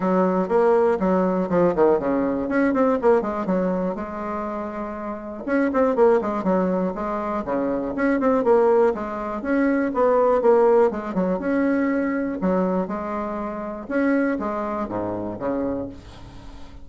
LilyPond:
\new Staff \with { instrumentName = "bassoon" } { \time 4/4 \tempo 4 = 121 fis4 ais4 fis4 f8 dis8 | cis4 cis'8 c'8 ais8 gis8 fis4 | gis2. cis'8 c'8 | ais8 gis8 fis4 gis4 cis4 |
cis'8 c'8 ais4 gis4 cis'4 | b4 ais4 gis8 fis8 cis'4~ | cis'4 fis4 gis2 | cis'4 gis4 gis,4 cis4 | }